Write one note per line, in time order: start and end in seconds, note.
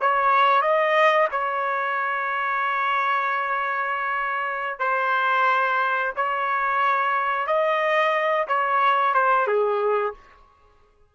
0.00 0.61 C#5
0.61 1.28 D#5
1.31 4.79 C#5
4.79 6.12 C5
6.15 7.46 C#5
7.46 8.46 D#5
8.47 9.14 C#5
9.14 9.47 C5
9.47 10.14 G#4